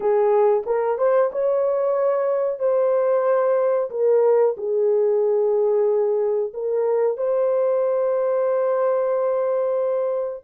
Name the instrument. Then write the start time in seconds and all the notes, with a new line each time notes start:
horn
0.00 G#4
0.66 A#4
0.98 C5
1.32 C#5
2.59 C5
3.90 A#4
4.57 G#4
6.53 A#4
7.17 C5